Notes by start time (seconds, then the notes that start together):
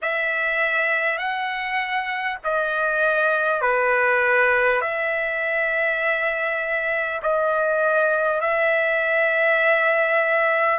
0.02 E5
1.18 F#5
2.43 D#5
3.61 B4
4.81 E5
7.22 D#5
8.40 E5